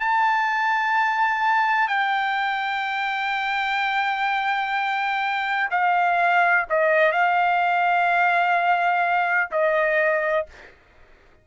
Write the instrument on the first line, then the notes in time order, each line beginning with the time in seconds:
trumpet
0.00 A5
1.88 G5
5.71 F5
6.70 D#5
7.12 F5
9.51 D#5